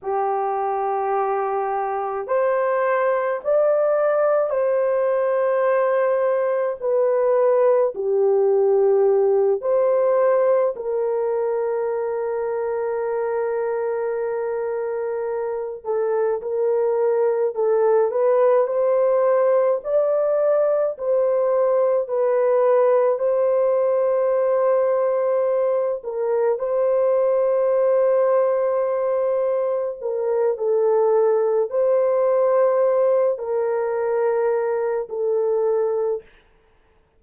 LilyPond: \new Staff \with { instrumentName = "horn" } { \time 4/4 \tempo 4 = 53 g'2 c''4 d''4 | c''2 b'4 g'4~ | g'8 c''4 ais'2~ ais'8~ | ais'2 a'8 ais'4 a'8 |
b'8 c''4 d''4 c''4 b'8~ | b'8 c''2~ c''8 ais'8 c''8~ | c''2~ c''8 ais'8 a'4 | c''4. ais'4. a'4 | }